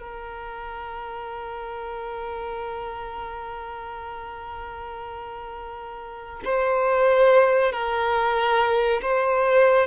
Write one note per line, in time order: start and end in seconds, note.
0.00 6.43 A#4
6.45 7.73 C5
7.73 9.02 A#4
9.02 9.88 C5